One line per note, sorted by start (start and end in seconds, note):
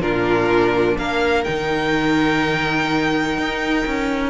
0.00 0.96 A#2
0.00 1.45 D4
0.00 0.98 F4
0.00 0.97 A#4
0.98 1.46 A#3
0.98 4.30 A#4
0.98 1.44 F5
1.44 3.37 D#3
1.44 4.30 D#4
1.44 4.30 G5
3.37 3.85 D#4
3.86 4.30 C#4